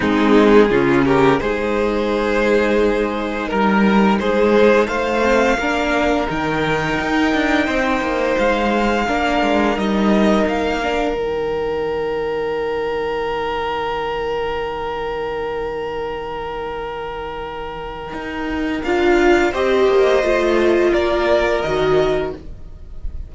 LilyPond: <<
  \new Staff \with { instrumentName = "violin" } { \time 4/4 \tempo 4 = 86 gis'4. ais'8 c''2~ | c''4 ais'4 c''4 f''4~ | f''4 g''2. | f''2 dis''4 f''4 |
g''1~ | g''1~ | g''2. f''4 | dis''2 d''4 dis''4 | }
  \new Staff \with { instrumentName = "violin" } { \time 4/4 dis'4 f'8 g'8 gis'2~ | gis'4 ais'4 gis'4 c''4 | ais'2. c''4~ | c''4 ais'2.~ |
ais'1~ | ais'1~ | ais'1 | c''2 ais'2 | }
  \new Staff \with { instrumentName = "viola" } { \time 4/4 c'4 cis'4 dis'2~ | dis'2.~ dis'8 c'8 | d'4 dis'2.~ | dis'4 d'4 dis'4. d'8 |
dis'1~ | dis'1~ | dis'2. f'4 | g'4 f'2 fis'4 | }
  \new Staff \with { instrumentName = "cello" } { \time 4/4 gis4 cis4 gis2~ | gis4 g4 gis4 a4 | ais4 dis4 dis'8 d'8 c'8 ais8 | gis4 ais8 gis8 g4 ais4 |
dis1~ | dis1~ | dis2 dis'4 d'4 | c'8 ais8 a4 ais4 dis4 | }
>>